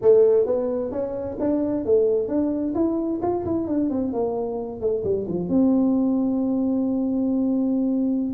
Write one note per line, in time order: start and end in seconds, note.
0.01 0.46 A3
0.46 0.91 B3
0.91 1.37 C#4
1.39 1.85 D4
1.85 2.28 A3
2.28 2.74 D4
2.74 3.20 E4
3.22 3.45 F4
3.45 3.67 E4
3.67 3.89 D4
3.89 4.12 C4
4.12 4.80 A#3
4.80 5.03 A3
5.03 5.26 G3
5.27 5.49 F3
5.49 8.34 C4